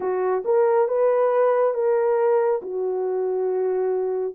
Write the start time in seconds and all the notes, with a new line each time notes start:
0.00 F#4
0.45 A#4
0.88 B4
1.74 A#4
2.62 F#4